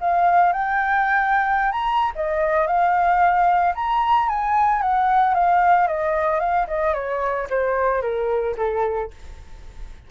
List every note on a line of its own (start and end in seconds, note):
0.00 0.52 F5
0.52 1.71 G5
1.71 2.12 A#5
2.15 2.66 D#5
2.66 3.74 F5
3.75 4.28 A#5
4.28 4.81 G#5
4.81 5.34 F#5
5.34 5.87 F5
5.87 6.39 D#5
6.39 6.66 F5
6.67 6.94 D#5
6.94 7.47 C#5
7.49 8.01 C5
8.01 8.55 A#4
8.57 9.10 A4